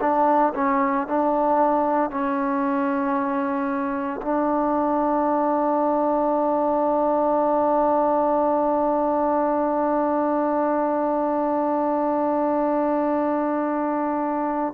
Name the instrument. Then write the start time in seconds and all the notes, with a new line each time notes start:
trombone
0.00 D4
0.55 C#4
1.07 D4
2.10 C#4
4.22 D4